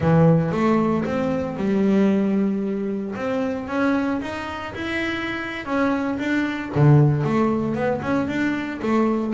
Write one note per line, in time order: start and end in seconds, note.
0.00 0.51 E3
0.51 1.04 A3
1.05 1.56 C4
1.56 3.14 G3
3.15 3.68 C4
3.68 4.20 C#4
4.21 4.74 D#4
4.74 5.65 E4
5.65 6.18 C#4
6.18 6.71 D4
6.75 7.23 D3
7.23 7.74 A3
7.74 8.00 B3
8.02 8.27 C#4
8.27 8.80 D4
8.82 9.33 A3